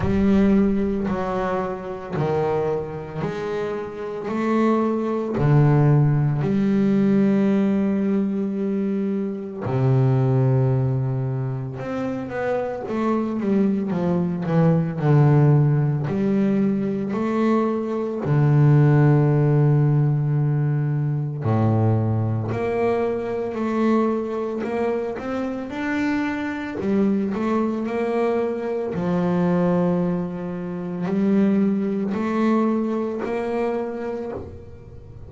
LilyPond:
\new Staff \with { instrumentName = "double bass" } { \time 4/4 \tempo 4 = 56 g4 fis4 dis4 gis4 | a4 d4 g2~ | g4 c2 c'8 b8 | a8 g8 f8 e8 d4 g4 |
a4 d2. | a,4 ais4 a4 ais8 c'8 | d'4 g8 a8 ais4 f4~ | f4 g4 a4 ais4 | }